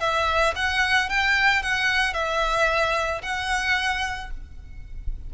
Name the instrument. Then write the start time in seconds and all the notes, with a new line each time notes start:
violin
0.00 E5
0.56 F#5
1.09 G5
1.63 F#5
2.14 E5
3.22 F#5